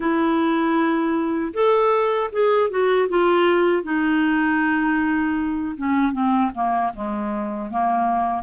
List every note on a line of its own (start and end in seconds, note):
0.00 1.52 E4
1.53 2.30 A4
2.31 2.70 G#4
2.70 3.08 F#4
3.08 3.83 F4
3.83 5.75 D#4
5.77 6.12 C#4
6.12 6.51 C4
6.54 6.92 A#3
6.93 7.70 G#3
7.70 8.43 A#3